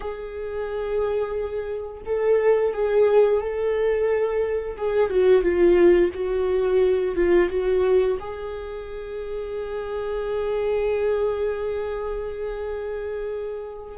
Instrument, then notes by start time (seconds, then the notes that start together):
viola
0.00 G#4
2.05 A4
2.73 G#4
3.40 A4
4.77 G#4
5.10 F#4
5.42 F4
6.14 F#4
7.15 F4
7.49 F#4
8.19 G#4